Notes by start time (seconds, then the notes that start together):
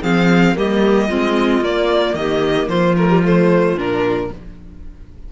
0.00 F3 C4 G#4 F5
0.55 G3 A#3 G4 D#5
1.08 G#3 C4 F4
1.61 A#3 D5
2.14 D#3 G4 D#5
2.68 F3 F4 C5
2.96 A3 A#4
3.08 G3
3.24 A3 C5
3.76 A#2 D4 A#4